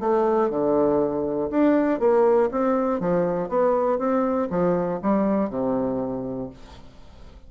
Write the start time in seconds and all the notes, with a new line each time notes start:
0.00 A3
0.50 D3
1.50 D4
2.00 A#3
2.51 C4
3.00 F3
3.49 B3
3.98 C4
4.50 F3
5.02 G3
5.50 C3